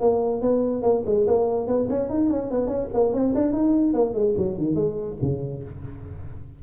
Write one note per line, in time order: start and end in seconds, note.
0.00 0.41 A#3
0.41 0.82 B3
0.82 1.03 A#3
1.06 1.27 G#3
1.27 1.67 A#3
1.67 1.88 B3
1.89 2.10 C#4
2.10 2.30 D#4
2.30 2.51 C#4
2.51 2.67 B3
2.67 2.88 C#4
2.93 3.13 A#3
3.13 3.34 C4
3.35 3.53 D4
3.53 3.93 D#4
3.93 4.14 A#3
4.14 4.34 G#3
4.37 4.57 F#3
4.57 4.75 D#3
4.75 5.16 G#3
5.22 5.63 C#3